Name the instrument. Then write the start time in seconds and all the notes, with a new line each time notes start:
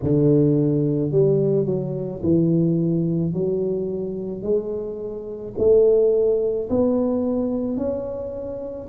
tuba
0.03 D3
1.11 G3
1.65 F#3
2.22 E3
3.33 F#3
4.42 G#3
5.58 A3
6.69 B3
7.77 C#4